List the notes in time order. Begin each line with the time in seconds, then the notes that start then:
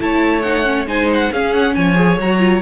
0.00 A3 E4 C#5 A5
0.42 D#4 F#5
0.65 C#4
0.86 G#3 D#4 C5 G#5
1.14 F#5
1.32 C#4 G#4 F5
1.54 F#5
1.75 F3 C#5 G#5
1.96 G#4
2.18 F#3 F#4 A#5
2.40 F4